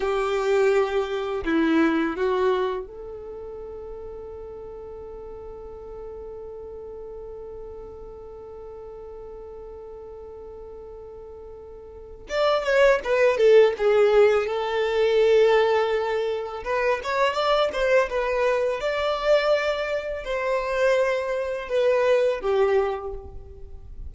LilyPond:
\new Staff \with { instrumentName = "violin" } { \time 4/4 \tempo 4 = 83 g'2 e'4 fis'4 | a'1~ | a'1~ | a'1~ |
a'4 d''8 cis''8 b'8 a'8 gis'4 | a'2. b'8 cis''8 | d''8 c''8 b'4 d''2 | c''2 b'4 g'4 | }